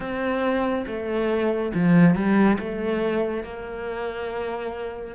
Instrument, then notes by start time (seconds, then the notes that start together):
cello
0.00 C4
0.86 A3
1.74 F3
2.15 G3
2.59 A3
3.43 A#3